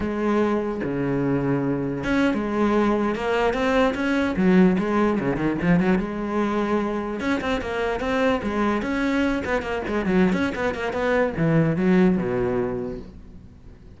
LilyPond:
\new Staff \with { instrumentName = "cello" } { \time 4/4 \tempo 4 = 148 gis2 cis2~ | cis4 cis'8. gis2 ais16~ | ais8. c'4 cis'4 fis4 gis16~ | gis8. cis8 dis8 f8 fis8 gis4~ gis16~ |
gis4.~ gis16 cis'8 c'8 ais4 c'16~ | c'8. gis4 cis'4. b8 ais16~ | ais16 gis8 fis8. cis'8 b8 ais8 b4 | e4 fis4 b,2 | }